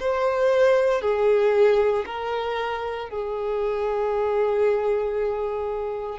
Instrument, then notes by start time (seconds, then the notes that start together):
violin
0.00 C5
1.02 G#4
2.06 A#4
3.09 G#4